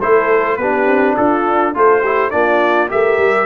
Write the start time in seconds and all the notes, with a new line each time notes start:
0.00 A3 E4 A4 C5
0.56 B3 D4 G4 B4
0.86 C4
1.16 D4 F4 A4
1.74 A3 F4 A4 C5
2.01 E4 G4
2.30 A#3 D4 F4 D5
2.89 A3 G4 A#4 E5
3.17 G3